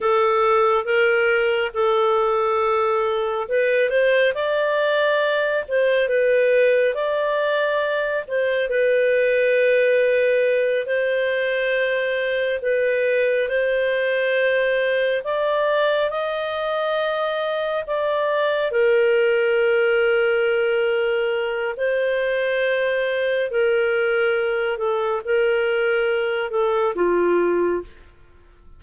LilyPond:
\new Staff \with { instrumentName = "clarinet" } { \time 4/4 \tempo 4 = 69 a'4 ais'4 a'2 | b'8 c''8 d''4. c''8 b'4 | d''4. c''8 b'2~ | b'8 c''2 b'4 c''8~ |
c''4. d''4 dis''4.~ | dis''8 d''4 ais'2~ ais'8~ | ais'4 c''2 ais'4~ | ais'8 a'8 ais'4. a'8 f'4 | }